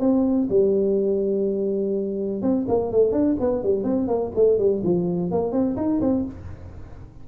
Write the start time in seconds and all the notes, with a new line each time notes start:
0.00 C4
0.50 G3
2.42 C4
2.68 A#3
2.92 A3
3.12 D4
3.40 B3
3.63 G3
3.84 C4
4.08 A#3
4.35 A3
4.58 G3
4.84 F3
5.31 A#3
5.52 C4
5.76 D#4
6.01 C4